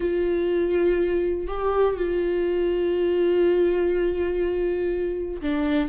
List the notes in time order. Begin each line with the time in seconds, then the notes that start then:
0.00 F4
1.47 G4
1.96 F4
5.41 D4